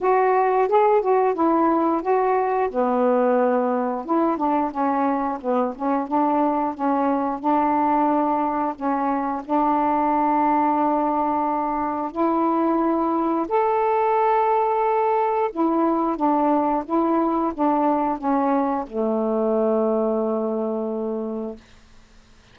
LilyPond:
\new Staff \with { instrumentName = "saxophone" } { \time 4/4 \tempo 4 = 89 fis'4 gis'8 fis'8 e'4 fis'4 | b2 e'8 d'8 cis'4 | b8 cis'8 d'4 cis'4 d'4~ | d'4 cis'4 d'2~ |
d'2 e'2 | a'2. e'4 | d'4 e'4 d'4 cis'4 | a1 | }